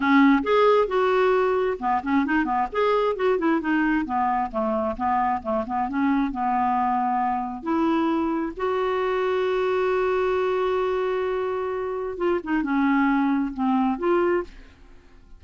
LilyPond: \new Staff \with { instrumentName = "clarinet" } { \time 4/4 \tempo 4 = 133 cis'4 gis'4 fis'2 | b8 cis'8 dis'8 b8 gis'4 fis'8 e'8 | dis'4 b4 a4 b4 | a8 b8 cis'4 b2~ |
b4 e'2 fis'4~ | fis'1~ | fis'2. f'8 dis'8 | cis'2 c'4 f'4 | }